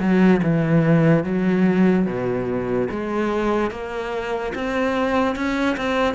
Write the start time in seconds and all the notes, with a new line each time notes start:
0.00 F#3
0.43 E3
1.24 F#3
2.07 B2
2.91 G#3
3.71 A#3
4.55 C4
5.36 C#4
5.77 C4